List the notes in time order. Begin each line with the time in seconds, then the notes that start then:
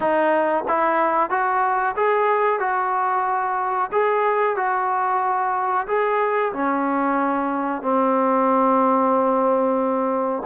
0.00 D#4
0.68 E4
1.30 F#4
1.96 G#4
2.59 F#4
3.91 G#4
4.56 F#4
5.87 G#4
6.52 C#4
7.81 C4